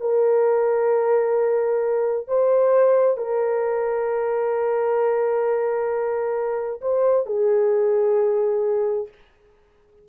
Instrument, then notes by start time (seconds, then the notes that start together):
horn
0.00 A#4
2.27 C5
3.17 A#4
6.81 C5
7.26 G#4